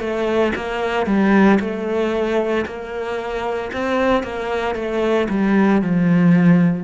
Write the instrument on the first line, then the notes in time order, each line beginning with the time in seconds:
cello
0.00 A3
0.56 A#3
1.07 G3
1.60 A3
2.67 A#3
3.73 C4
4.23 A#3
4.76 A3
5.30 G3
5.82 F3